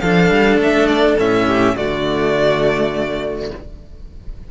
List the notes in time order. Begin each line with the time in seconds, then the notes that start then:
0.00 F3 D4 A4 F5
0.31 G3
0.58 A3 E5
0.87 D5
1.18 A2 C#4 E5
1.47 G4
1.75 D3 A3 F#4 D5